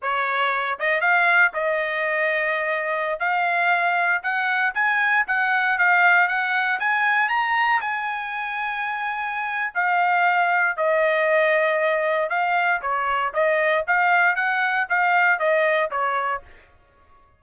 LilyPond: \new Staff \with { instrumentName = "trumpet" } { \time 4/4 \tempo 4 = 117 cis''4. dis''8 f''4 dis''4~ | dis''2~ dis''16 f''4.~ f''16~ | f''16 fis''4 gis''4 fis''4 f''8.~ | f''16 fis''4 gis''4 ais''4 gis''8.~ |
gis''2. f''4~ | f''4 dis''2. | f''4 cis''4 dis''4 f''4 | fis''4 f''4 dis''4 cis''4 | }